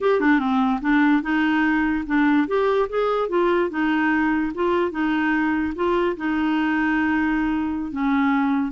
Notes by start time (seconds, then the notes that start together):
0.00 G4
0.20 D4
0.39 C4
0.81 D4
1.22 D#4
2.06 D4
2.47 G4
2.89 G#4
3.28 F4
3.70 D#4
4.54 F4
4.91 D#4
5.75 F4
6.16 D#4
7.91 C#4